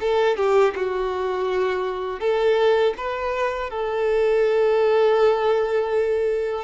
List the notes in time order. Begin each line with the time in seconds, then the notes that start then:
0.00 A4
0.37 G4
0.75 F#4
2.20 A4
2.97 B4
3.70 A4